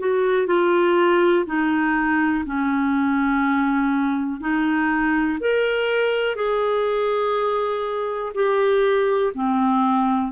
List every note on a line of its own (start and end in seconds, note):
0.00 0.47 F#4
0.47 1.46 F4
1.47 2.45 D#4
2.46 4.41 C#4
4.41 5.39 D#4
5.40 6.36 A#4
6.36 8.33 G#4
8.35 9.34 G4
9.35 10.32 C4